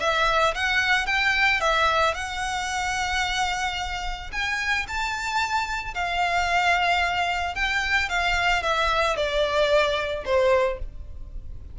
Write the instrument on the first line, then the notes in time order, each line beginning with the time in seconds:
violin
0.00 E5
0.55 F#5
1.06 G5
1.60 E5
2.14 F#5
4.32 G#5
4.88 A5
5.94 F5
7.55 G5
8.09 F5
8.63 E5
9.16 D5
10.25 C5